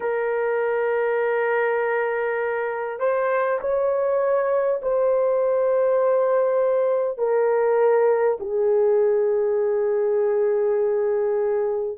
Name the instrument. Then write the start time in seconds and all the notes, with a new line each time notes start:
horn
0.00 A#4
2.99 C5
3.61 C#5
4.82 C5
7.18 A#4
8.39 G#4